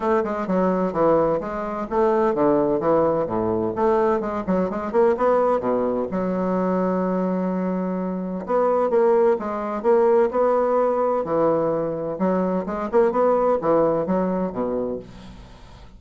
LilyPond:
\new Staff \with { instrumentName = "bassoon" } { \time 4/4 \tempo 4 = 128 a8 gis8 fis4 e4 gis4 | a4 d4 e4 a,4 | a4 gis8 fis8 gis8 ais8 b4 | b,4 fis2.~ |
fis2 b4 ais4 | gis4 ais4 b2 | e2 fis4 gis8 ais8 | b4 e4 fis4 b,4 | }